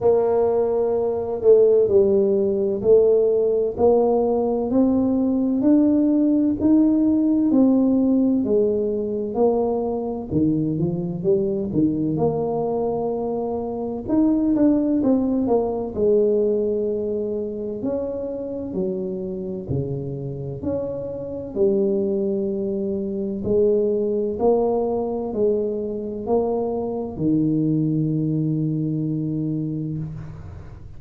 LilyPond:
\new Staff \with { instrumentName = "tuba" } { \time 4/4 \tempo 4 = 64 ais4. a8 g4 a4 | ais4 c'4 d'4 dis'4 | c'4 gis4 ais4 dis8 f8 | g8 dis8 ais2 dis'8 d'8 |
c'8 ais8 gis2 cis'4 | fis4 cis4 cis'4 g4~ | g4 gis4 ais4 gis4 | ais4 dis2. | }